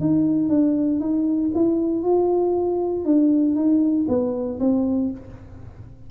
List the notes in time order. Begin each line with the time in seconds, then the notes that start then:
0.00 D#4
0.49 D4
1.00 D#4
1.54 E4
2.03 F4
3.05 D4
3.55 D#4
4.08 B3
4.60 C4